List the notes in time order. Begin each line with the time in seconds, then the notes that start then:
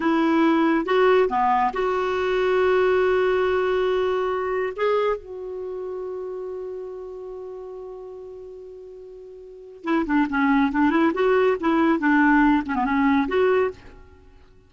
0.00 E4
0.85 F#4
1.28 B3
1.73 F#4
4.76 G#4
5.16 F#4
9.84 E4
10.06 D4
10.29 C#4
10.72 D4
10.90 E4
11.14 F#4
11.60 E4
11.99 D4
12.66 C#4
12.75 B3
12.84 C#4
13.27 F#4